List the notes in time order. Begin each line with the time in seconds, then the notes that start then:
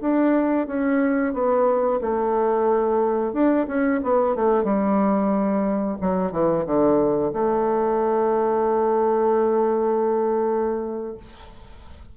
0.00 D4
0.66 C#4
1.33 B3
2.01 A3
3.33 D4
3.67 C#4
4.03 B3
4.35 A3
4.64 G3
6.01 F#3
6.32 E3
6.65 D3
7.33 A3